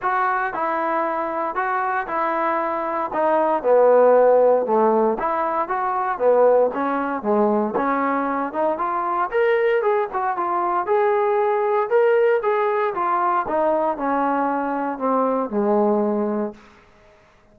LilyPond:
\new Staff \with { instrumentName = "trombone" } { \time 4/4 \tempo 4 = 116 fis'4 e'2 fis'4 | e'2 dis'4 b4~ | b4 a4 e'4 fis'4 | b4 cis'4 gis4 cis'4~ |
cis'8 dis'8 f'4 ais'4 gis'8 fis'8 | f'4 gis'2 ais'4 | gis'4 f'4 dis'4 cis'4~ | cis'4 c'4 gis2 | }